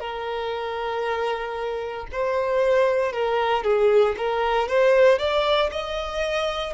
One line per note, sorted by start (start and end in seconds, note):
0.00 2.07 A#4
2.12 3.13 C5
3.13 3.64 A#4
3.64 4.16 G#4
4.17 4.68 A#4
4.68 5.19 C5
5.19 5.70 D5
5.72 6.74 D#5